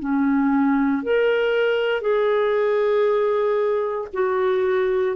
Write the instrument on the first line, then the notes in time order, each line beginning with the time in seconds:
clarinet
0.00 C#4
1.03 A#4
2.01 G#4
4.13 F#4